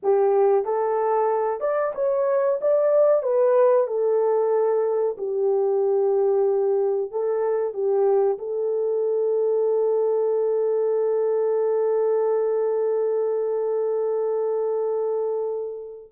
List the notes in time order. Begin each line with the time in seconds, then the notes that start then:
0.02 G4
0.65 A4
1.60 D5
1.94 C#5
2.61 D5
3.23 B4
3.87 A4
5.17 G4
7.11 A4
7.73 G4
8.38 A4